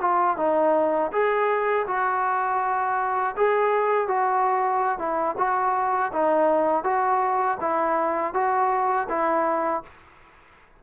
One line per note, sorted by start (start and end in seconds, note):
0.00 0.37 F4
0.37 1.11 D#4
1.12 1.86 G#4
1.87 3.35 F#4
3.36 4.07 G#4
4.07 4.98 F#4
4.98 5.35 E4
5.37 6.11 F#4
6.12 6.83 D#4
6.83 7.58 F#4
7.60 8.33 E4
8.33 9.07 F#4
9.09 9.83 E4